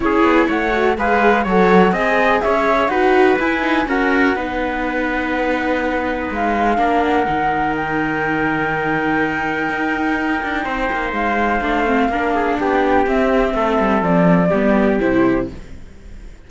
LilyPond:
<<
  \new Staff \with { instrumentName = "flute" } { \time 4/4 \tempo 4 = 124 cis''4 fis''4 f''4 fis''4 | gis''4 e''4 fis''4 gis''4 | fis''1~ | fis''4 f''4. fis''4. |
g''1~ | g''2. f''4~ | f''2 g''4 e''4~ | e''4 d''2 c''4 | }
  \new Staff \with { instrumentName = "trumpet" } { \time 4/4 gis'4 cis''4 b'4 cis''4 | dis''4 cis''4 b'2 | ais'4 b'2.~ | b'2 ais'2~ |
ais'1~ | ais'2 c''2~ | c''4 ais'8 gis'8 g'2 | a'2 g'2 | }
  \new Staff \with { instrumentName = "viola" } { \time 4/4 e'4. fis'8 gis'4 a'4 | gis'2 fis'4 e'8 dis'8 | cis'4 dis'2.~ | dis'2 d'4 dis'4~ |
dis'1~ | dis'1 | d'8 c'8 d'2 c'4~ | c'2 b4 e'4 | }
  \new Staff \with { instrumentName = "cello" } { \time 4/4 cis'8 b8 a4 gis4 fis4 | c'4 cis'4 dis'4 e'4 | fis'4 b2.~ | b4 gis4 ais4 dis4~ |
dis1 | dis'4. d'8 c'8 ais8 gis4 | a4 ais4 b4 c'4 | a8 g8 f4 g4 c4 | }
>>